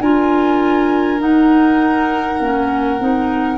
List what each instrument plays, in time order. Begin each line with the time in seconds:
0.00 tuba D4, clarinet F4, violin A#4, flute G#5
1.19 clarinet D#4, tuba D#4, flute F#5
2.40 tuba A#3, clarinet C#4
3.00 tuba C4, clarinet D#4